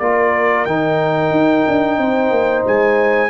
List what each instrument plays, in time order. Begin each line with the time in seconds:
0.00 tuba A#3, trombone F4, horn A#4, trumpet D5
0.66 tuba D#3, trombone D#4, trumpet G5
1.31 tuba D#4
1.68 tuba D4
1.98 tuba C4, horn C5
2.31 tuba A#3
2.67 tuba G#3, trumpet G#5